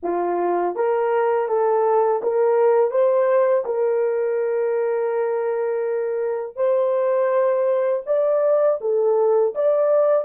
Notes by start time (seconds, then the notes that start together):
0.02 F4
0.75 A#4
1.48 A4
2.23 A#4
2.91 C5
3.65 A#4
6.56 C5
8.06 D5
8.80 A4
9.55 D5